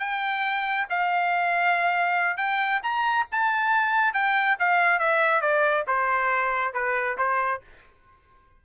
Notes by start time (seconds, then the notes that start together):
0.00 G5
0.90 F5
2.38 G5
2.83 A#5
3.32 A5
4.14 G5
4.60 F5
5.00 E5
5.42 D5
5.88 C5
6.74 B4
7.18 C5